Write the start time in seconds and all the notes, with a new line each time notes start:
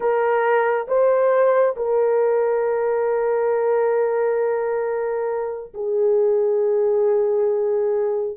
0.00 A#4
0.87 C5
1.76 A#4
5.74 G#4